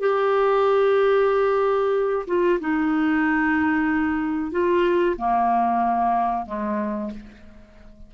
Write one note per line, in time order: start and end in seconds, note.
0.00 2.26 G4
2.27 2.59 F4
2.60 4.51 D#4
4.51 5.16 F4
5.17 6.46 A#3
6.46 7.10 G#3